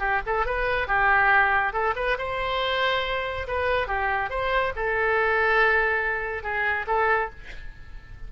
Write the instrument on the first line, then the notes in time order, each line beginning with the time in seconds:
oboe
0.00 G4
0.26 A4
0.46 B4
0.88 G4
1.73 A4
1.96 B4
2.19 C5
3.48 B4
3.88 G4
4.30 C5
4.76 A4
6.43 G#4
6.87 A4